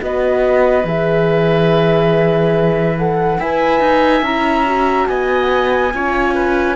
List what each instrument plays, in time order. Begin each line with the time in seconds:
0.00 cello B3, horn F#4, oboe B4, flute D#5
0.84 cello E3, horn G#4, flute E5
2.98 horn A4, flute F#5
3.39 cello E4, horn B4, oboe E5, flute G#5
3.80 cello D#4
4.21 cello C#4, horn E4, flute A#5
4.65 horn F#4
5.07 cello B3, oboe D#5, flute G#5
5.93 cello C#4, horn F4, oboe C#5
6.35 oboe B4